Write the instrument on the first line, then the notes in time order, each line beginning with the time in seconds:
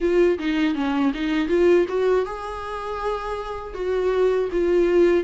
viola
0.00 F4
0.39 D#4
0.75 C#4
1.14 D#4
1.48 F4
1.88 F#4
2.25 G#4
3.74 F#4
4.52 F4